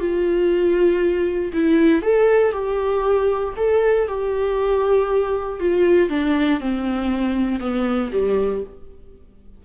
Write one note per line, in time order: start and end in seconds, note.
0.00 1.53 F4
1.53 2.02 E4
2.02 2.52 A4
2.52 3.54 G4
3.57 4.08 A4
4.08 5.60 G4
5.60 6.09 F4
6.09 6.60 D4
6.61 7.60 C4
7.60 8.11 B3
8.12 8.63 G3